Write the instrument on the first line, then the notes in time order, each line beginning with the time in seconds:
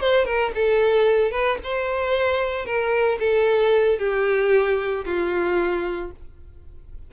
violin
0.00 C5
0.25 A#4
0.54 A4
1.31 B4
1.63 C5
2.65 A#4
3.19 A4
3.98 G4
5.05 F4